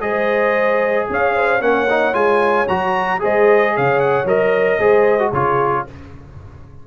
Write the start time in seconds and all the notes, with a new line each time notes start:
0.00 G#3 G#4 C5 D#5
1.09 C#4 C#5 F5
1.36 C5
1.60 A#3 C#4 C#5 F#5
1.89 D#4
2.12 G#3 F4 G#5
2.67 F#3 F#4 A#5
3.19 G#3 G#4 C5 D#5
3.74 C#3 C#5 F5
3.99 F#5
4.24 F#3 A#4 D#5
4.79 G#3 G#4 C5
5.19 F#4
5.30 C#3 F4 G#4 C#5